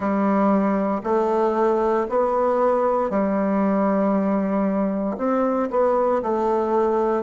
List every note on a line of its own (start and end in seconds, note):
0.00 1.01 G3
1.03 2.07 A3
2.09 3.10 B3
3.10 5.17 G3
5.17 5.69 C4
5.70 6.22 B3
6.22 7.23 A3